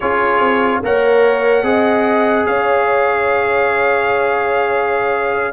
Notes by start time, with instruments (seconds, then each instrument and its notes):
0.00 tuba C#4, trombone F4, horn G#4, trumpet C#5
0.40 tuba C4
0.82 tuba A#3, trombone A#4, horn C#5, trumpet F#5
1.62 tuba C4, trombone G#4, horn D#5
2.46 tuba C#4, horn C#5, trumpet F5